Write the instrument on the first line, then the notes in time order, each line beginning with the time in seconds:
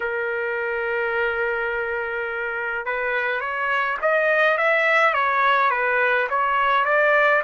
trumpet
0.00 A#4
2.85 B4
3.40 C#5
4.01 D#5
4.57 E5
5.13 C#5
5.70 B4
6.29 C#5
6.84 D5